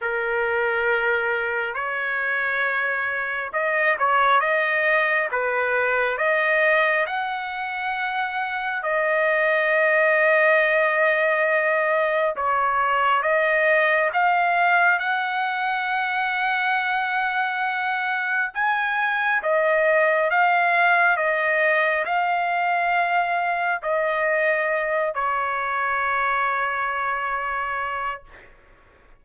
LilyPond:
\new Staff \with { instrumentName = "trumpet" } { \time 4/4 \tempo 4 = 68 ais'2 cis''2 | dis''8 cis''8 dis''4 b'4 dis''4 | fis''2 dis''2~ | dis''2 cis''4 dis''4 |
f''4 fis''2.~ | fis''4 gis''4 dis''4 f''4 | dis''4 f''2 dis''4~ | dis''8 cis''2.~ cis''8 | }